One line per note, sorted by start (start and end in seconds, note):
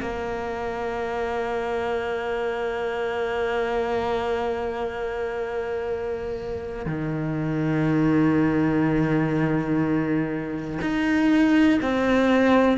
0.00 6.85 A#3
6.85 10.79 D#3
10.81 11.79 D#4
11.82 12.77 C4